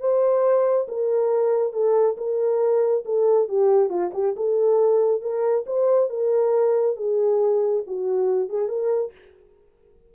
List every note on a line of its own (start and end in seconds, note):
0.00 0.87 C5
0.88 1.73 A#4
1.73 2.16 A4
2.17 3.04 A#4
3.05 3.49 A4
3.49 3.90 G4
3.90 4.11 F4
4.14 4.35 G4
4.37 5.22 A4
5.22 5.65 A#4
5.67 6.10 C5
6.10 6.97 A#4
6.97 7.84 G#4
7.87 8.49 F#4
8.49 8.69 G#4
8.69 9.12 A#4